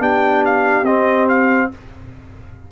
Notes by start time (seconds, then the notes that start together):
0.00 B3 D4 G4 G5
0.45 F5
0.83 C4 D#5
1.29 F5